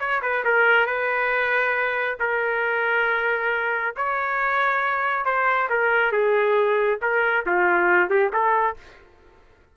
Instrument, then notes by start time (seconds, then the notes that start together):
trumpet
0.00 C#5
0.22 B4
0.45 A#4
0.87 B4
2.20 A#4
3.97 C#5
5.25 C5
5.70 A#4
6.12 G#4
7.02 A#4
7.46 F4
8.10 G4
8.33 A4